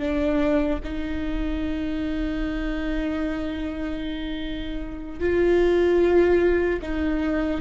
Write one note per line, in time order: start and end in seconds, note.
0.00 0.80 D4
0.84 5.20 D#4
5.20 6.80 F4
6.82 7.61 D#4